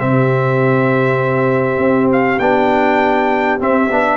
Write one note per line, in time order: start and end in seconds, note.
0.00 1.78 C3
0.00 2.40 C4
0.00 4.18 G4
0.00 2.11 E5
1.78 2.38 C4
2.12 2.40 F5
2.39 3.59 B3
2.39 3.60 D4
2.39 3.60 G5
3.60 3.90 C4
3.60 3.91 C4
3.60 4.18 E5
3.91 4.18 B3
3.91 4.18 D4